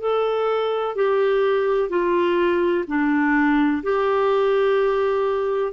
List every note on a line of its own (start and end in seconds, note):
0.00 0.95 A4
0.95 1.89 G4
1.89 2.84 F4
2.87 3.82 D4
3.83 5.72 G4